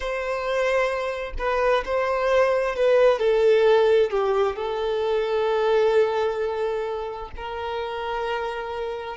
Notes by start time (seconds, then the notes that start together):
0.00 C5
1.38 B4
1.85 C5
2.75 B4
3.19 A4
4.10 G4
4.56 A4
7.36 A#4